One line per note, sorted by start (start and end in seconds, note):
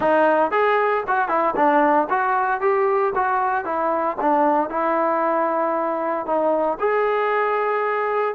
0.00 0.51 D#4
0.51 1.03 G#4
1.07 1.28 F#4
1.28 1.54 E4
1.55 2.08 D4
2.09 2.60 F#4
2.60 3.13 G4
3.15 3.64 F#4
3.64 4.16 E4
4.20 4.69 D4
4.69 6.26 E4
6.26 6.78 D#4
6.79 8.35 G#4